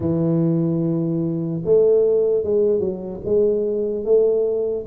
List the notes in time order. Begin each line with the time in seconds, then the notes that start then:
0.00 E3
1.64 A3
2.43 G#3
2.79 F#3
3.24 G#3
4.04 A3